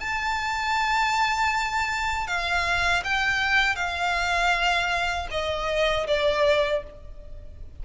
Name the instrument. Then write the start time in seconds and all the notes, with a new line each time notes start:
violin
0.00 A5
2.27 F5
3.04 G5
3.76 F5
5.31 D#5
6.07 D5